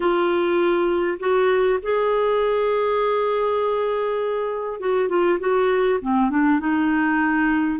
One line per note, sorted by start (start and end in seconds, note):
0.00 1.18 F4
1.19 1.79 F#4
1.82 4.80 G#4
4.80 5.08 F#4
5.08 5.38 F4
5.39 5.99 F#4
6.01 6.30 C4
6.30 6.59 D4
6.59 7.79 D#4